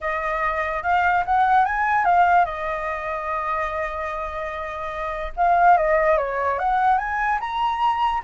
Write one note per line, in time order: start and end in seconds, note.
0.01 0.83 D#5
0.83 1.24 F5
1.25 1.65 F#5
1.65 2.05 G#5
2.05 2.45 F5
2.45 5.32 D#5
5.36 5.77 F5
5.77 6.17 D#5
6.17 6.58 C#5
6.58 6.98 F#5
6.98 7.39 G#5
7.40 8.22 A#5